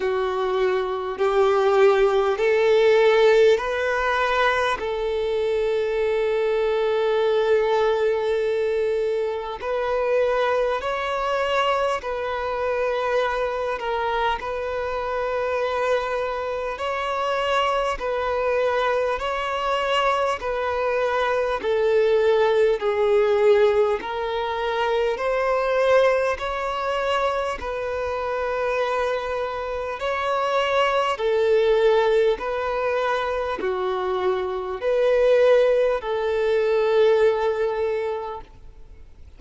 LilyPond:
\new Staff \with { instrumentName = "violin" } { \time 4/4 \tempo 4 = 50 fis'4 g'4 a'4 b'4 | a'1 | b'4 cis''4 b'4. ais'8 | b'2 cis''4 b'4 |
cis''4 b'4 a'4 gis'4 | ais'4 c''4 cis''4 b'4~ | b'4 cis''4 a'4 b'4 | fis'4 b'4 a'2 | }